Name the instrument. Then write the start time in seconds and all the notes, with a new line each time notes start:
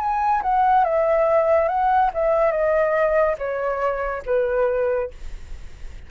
flute
0.00 G#5
0.43 F#5
0.84 E5
1.68 F#5
2.14 E5
2.52 D#5
3.38 C#5
4.26 B4